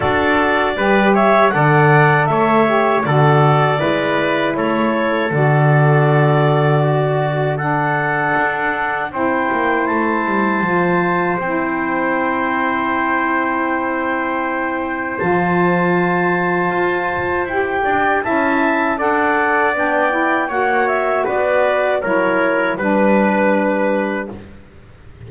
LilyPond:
<<
  \new Staff \with { instrumentName = "clarinet" } { \time 4/4 \tempo 4 = 79 d''4. e''8 fis''4 e''4 | d''2 cis''4 d''4~ | d''2 fis''2 | g''4 a''2 g''4~ |
g''1 | a''2. g''4 | a''4 fis''4 g''4 fis''8 e''8 | d''4 cis''4 b'2 | }
  \new Staff \with { instrumentName = "trumpet" } { \time 4/4 a'4 b'8 cis''8 d''4 cis''4 | a'4 b'4 a'2~ | a'4 fis'4 a'2 | c''1~ |
c''1~ | c''2.~ c''8 d''8 | e''4 d''2 cis''4 | b'4 ais'4 b'2 | }
  \new Staff \with { instrumentName = "saxophone" } { \time 4/4 fis'4 g'4 a'4. g'8 | fis'4 e'2 fis'4~ | fis'2 d'2 | e'2 f'4 e'4~ |
e'1 | f'2. g'4 | e'4 a'4 d'8 e'8 fis'4~ | fis'4 e'4 d'2 | }
  \new Staff \with { instrumentName = "double bass" } { \time 4/4 d'4 g4 d4 a4 | d4 gis4 a4 d4~ | d2. d'4 | c'8 ais8 a8 g8 f4 c'4~ |
c'1 | f2 f'4 e'8 d'8 | cis'4 d'4 b4 ais4 | b4 fis4 g2 | }
>>